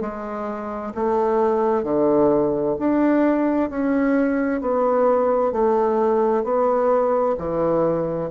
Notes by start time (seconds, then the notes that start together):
0.00 G#3
0.94 A3
1.83 D3
2.79 D4
3.69 C#4
4.61 B3
5.52 A3
6.43 B3
7.38 E3